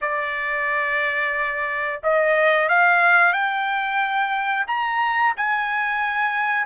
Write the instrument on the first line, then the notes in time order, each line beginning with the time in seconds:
trumpet
0.01 D5
2.03 D#5
2.68 F5
3.32 G5
4.67 A#5
5.36 G#5